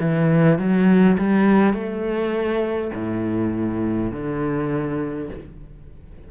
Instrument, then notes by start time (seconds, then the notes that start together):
cello
0.00 E3
0.58 F#3
1.18 G3
1.73 A3
2.94 A2
4.11 D3